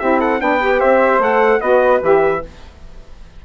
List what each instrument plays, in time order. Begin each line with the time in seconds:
0.00 bassoon C4, saxophone E4, flute G4, trumpet E5
0.21 flute A4, trumpet F#5
0.40 bassoon B3, saxophone D4, flute B4, trumpet G5
0.60 saxophone G4
0.80 bassoon C4, flute C5, trumpet E5
1.19 bassoon A3, saxophone A4, trumpet F#5
1.61 bassoon B3, saxophone F#4, flute B4, trumpet D#5
2.02 bassoon E3, saxophone G4, trumpet E5